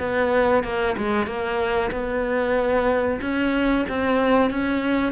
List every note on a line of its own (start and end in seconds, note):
0.00 0.64 B3
0.64 0.96 A#3
0.97 1.27 G#3
1.27 1.91 A#3
1.91 3.21 B3
3.21 3.86 C#4
3.89 4.51 C4
4.51 5.13 C#4